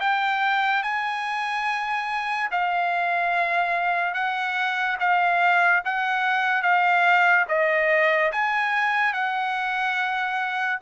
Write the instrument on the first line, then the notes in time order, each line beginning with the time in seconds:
trumpet
0.00 G5
0.83 G#5
2.52 F5
4.14 F#5
5.00 F5
5.85 F#5
6.62 F5
7.48 D#5
8.32 G#5
9.14 F#5